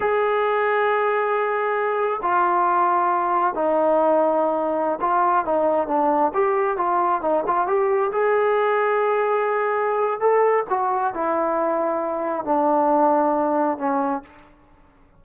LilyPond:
\new Staff \with { instrumentName = "trombone" } { \time 4/4 \tempo 4 = 135 gis'1~ | gis'4 f'2. | dis'2.~ dis'16 f'8.~ | f'16 dis'4 d'4 g'4 f'8.~ |
f'16 dis'8 f'8 g'4 gis'4.~ gis'16~ | gis'2. a'4 | fis'4 e'2. | d'2. cis'4 | }